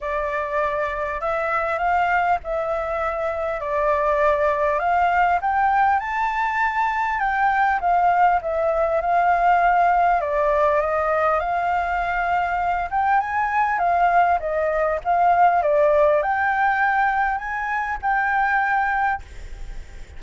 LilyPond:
\new Staff \with { instrumentName = "flute" } { \time 4/4 \tempo 4 = 100 d''2 e''4 f''4 | e''2 d''2 | f''4 g''4 a''2 | g''4 f''4 e''4 f''4~ |
f''4 d''4 dis''4 f''4~ | f''4. g''8 gis''4 f''4 | dis''4 f''4 d''4 g''4~ | g''4 gis''4 g''2 | }